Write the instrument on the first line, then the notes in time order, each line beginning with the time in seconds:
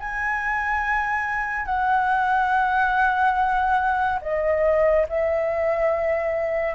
flute
0.00 G#5
1.66 F#5
4.22 D#5
5.09 E5